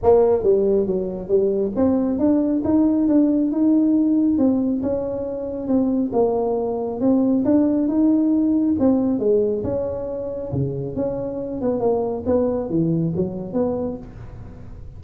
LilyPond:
\new Staff \with { instrumentName = "tuba" } { \time 4/4 \tempo 4 = 137 ais4 g4 fis4 g4 | c'4 d'4 dis'4 d'4 | dis'2 c'4 cis'4~ | cis'4 c'4 ais2 |
c'4 d'4 dis'2 | c'4 gis4 cis'2 | cis4 cis'4. b8 ais4 | b4 e4 fis4 b4 | }